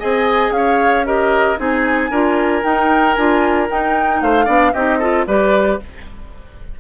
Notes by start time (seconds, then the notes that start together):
0.00 C4 G#4 D#5 G#5
0.51 C#4 F5
0.57 C#5
1.06 G4 A#4 D#5
1.57 C4 D#4 G#4 G#5
2.11 D4 F4 A#4
2.63 D#4 G5
3.15 D4 F4 G#5
3.69 D#4 G5
4.22 A3 C5 F5
4.46 B3 D4 D5
4.73 C4 D#4 G4 D#5
4.99 F4 A4
5.27 G3 G4 B4 D5